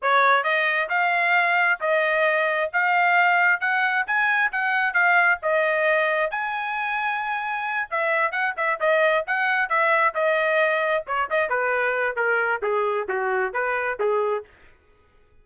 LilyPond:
\new Staff \with { instrumentName = "trumpet" } { \time 4/4 \tempo 4 = 133 cis''4 dis''4 f''2 | dis''2 f''2 | fis''4 gis''4 fis''4 f''4 | dis''2 gis''2~ |
gis''4. e''4 fis''8 e''8 dis''8~ | dis''8 fis''4 e''4 dis''4.~ | dis''8 cis''8 dis''8 b'4. ais'4 | gis'4 fis'4 b'4 gis'4 | }